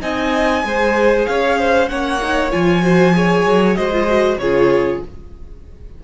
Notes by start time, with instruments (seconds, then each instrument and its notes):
0.00 cello C4, viola D#4, violin D#5 G#5
0.62 cello G#3, viola G#4, violin C5
1.26 cello C#4, violin C#5 F5
1.58 violin C5
1.88 cello A#3, viola C#4, violin C#5 F#5
2.21 viola D#4
2.50 cello F3, viola F4, violin G#5
2.82 viola F#4, violin C5
3.13 viola G#4, violin C#5
3.45 cello F#3
3.75 cello G#3, viola F#4, violin C5 D#5
3.91 viola F4
4.07 viola F#4
4.37 cello C#3, viola F4, violin G#4 C#5